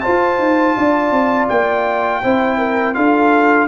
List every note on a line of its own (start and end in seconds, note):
0.00 2.23 F4
0.00 0.76 C5
0.00 1.46 A5
0.07 0.38 F4
0.38 0.75 D#4
0.77 1.11 D4
0.77 2.23 D5
1.11 1.48 C4
1.49 2.23 A#3
1.49 2.95 G5
2.23 2.96 C4
2.23 2.95 E4
2.23 2.58 C5
2.58 2.95 A#4
2.95 3.68 D4
2.95 3.68 F4
2.95 3.68 A4
2.95 3.68 F5